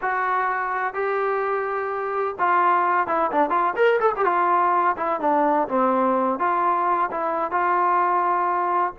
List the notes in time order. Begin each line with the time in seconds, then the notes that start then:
0.01 F#4
0.94 G4
2.39 F4
3.07 E4
3.31 D4
3.50 F4
3.76 A#4
4.00 A4
4.16 G4
4.25 F4
4.96 E4
5.20 D4
5.68 C4
6.39 F4
7.11 E4
7.51 F4